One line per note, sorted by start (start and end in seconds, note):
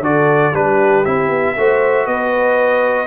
0.00 0.51 D3
0.00 0.53 F#4
0.00 0.52 A4
0.00 0.55 D5
0.52 1.05 G3
0.52 1.04 D4
0.52 1.55 G4
0.52 1.05 B4
1.05 1.29 C4
1.05 1.57 E4
1.05 2.06 E5
1.29 1.54 B3
1.57 2.06 A3
1.57 3.07 F#4
1.57 2.06 C5
2.06 3.07 B3
2.06 3.07 B4
2.06 3.07 D#5